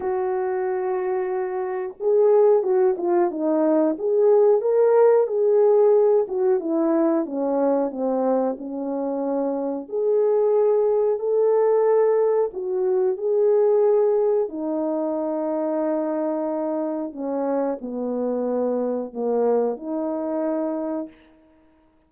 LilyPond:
\new Staff \with { instrumentName = "horn" } { \time 4/4 \tempo 4 = 91 fis'2. gis'4 | fis'8 f'8 dis'4 gis'4 ais'4 | gis'4. fis'8 e'4 cis'4 | c'4 cis'2 gis'4~ |
gis'4 a'2 fis'4 | gis'2 dis'2~ | dis'2 cis'4 b4~ | b4 ais4 dis'2 | }